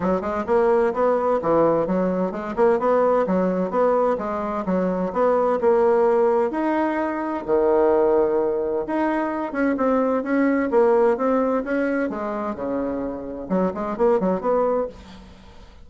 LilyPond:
\new Staff \with { instrumentName = "bassoon" } { \time 4/4 \tempo 4 = 129 fis8 gis8 ais4 b4 e4 | fis4 gis8 ais8 b4 fis4 | b4 gis4 fis4 b4 | ais2 dis'2 |
dis2. dis'4~ | dis'8 cis'8 c'4 cis'4 ais4 | c'4 cis'4 gis4 cis4~ | cis4 fis8 gis8 ais8 fis8 b4 | }